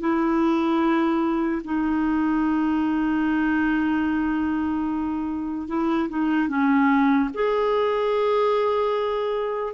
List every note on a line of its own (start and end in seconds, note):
0.00 1.62 E4
1.64 5.68 D#4
5.68 6.08 E4
6.09 6.48 D#4
6.48 7.29 C#4
7.34 9.73 G#4